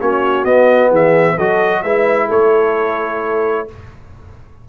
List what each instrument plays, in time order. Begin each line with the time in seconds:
0.00 tuba A#3, trombone C#4, horn F#4, trumpet C#5
0.45 tuba B3, trombone B3, trumpet D#5
0.90 tuba E3, horn G#4, trumpet E5
1.36 tuba F#3, trombone F#4, horn A4, trumpet D#5
1.83 tuba G#3, trombone E4, horn B4, trumpet E5
2.28 tuba A3, horn A4, trumpet C#5